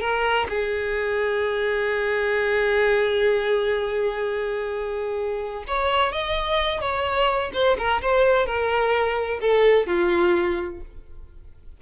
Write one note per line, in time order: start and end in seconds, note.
0.00 0.47 A#4
0.49 5.64 G#4
5.67 6.12 C#5
6.12 6.81 D#5
6.81 7.51 C#5
7.53 7.77 C5
7.78 8.01 A#4
8.02 8.46 C5
8.46 9.40 A#4
9.41 9.87 A4
9.87 10.80 F4